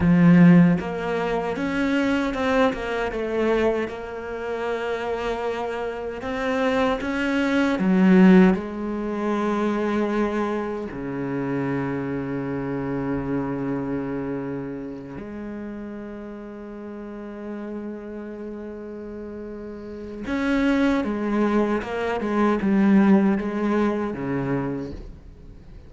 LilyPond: \new Staff \with { instrumentName = "cello" } { \time 4/4 \tempo 4 = 77 f4 ais4 cis'4 c'8 ais8 | a4 ais2. | c'4 cis'4 fis4 gis4~ | gis2 cis2~ |
cis2.~ cis8 gis8~ | gis1~ | gis2 cis'4 gis4 | ais8 gis8 g4 gis4 cis4 | }